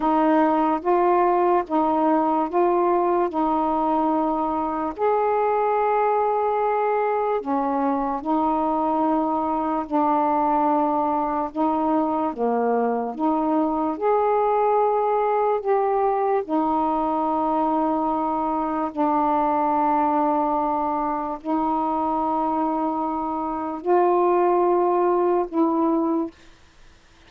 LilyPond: \new Staff \with { instrumentName = "saxophone" } { \time 4/4 \tempo 4 = 73 dis'4 f'4 dis'4 f'4 | dis'2 gis'2~ | gis'4 cis'4 dis'2 | d'2 dis'4 ais4 |
dis'4 gis'2 g'4 | dis'2. d'4~ | d'2 dis'2~ | dis'4 f'2 e'4 | }